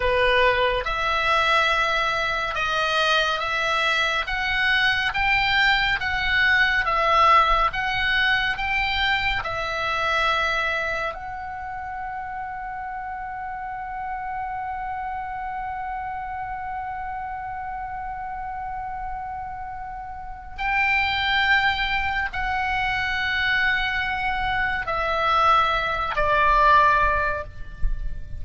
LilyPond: \new Staff \with { instrumentName = "oboe" } { \time 4/4 \tempo 4 = 70 b'4 e''2 dis''4 | e''4 fis''4 g''4 fis''4 | e''4 fis''4 g''4 e''4~ | e''4 fis''2.~ |
fis''1~ | fis''1 | g''2 fis''2~ | fis''4 e''4. d''4. | }